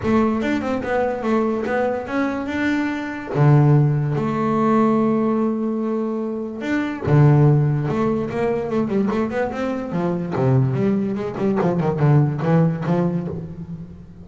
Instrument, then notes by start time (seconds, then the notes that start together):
double bass
0.03 A3
0.41 D4
0.61 C4
0.82 B3
1.22 A3
1.66 B3
2.07 C#4
2.46 D4
3.34 D3
4.15 A3
6.61 D4
7.06 D3
7.88 A3
8.30 A#3
8.70 A3
8.87 G3
9.11 A3
9.30 B3
9.51 C4
9.92 F3
10.35 C3
10.74 G3
11.15 G#3
11.37 G3
11.61 F3
11.79 D#3
11.99 D3
12.42 E3
12.86 F3